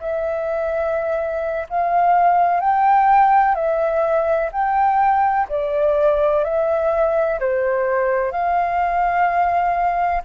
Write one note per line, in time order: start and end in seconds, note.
0.00 1.67 E5
1.69 2.60 F5
2.60 3.55 G5
3.55 4.50 E5
4.52 5.47 G5
5.48 6.44 D5
6.44 7.39 E5
7.39 8.31 C5
8.31 10.22 F5